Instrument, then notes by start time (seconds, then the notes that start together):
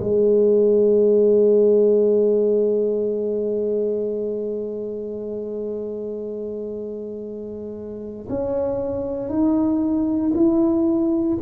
tuba
0.00 G#3
8.29 C#4
9.29 D#4
10.34 E4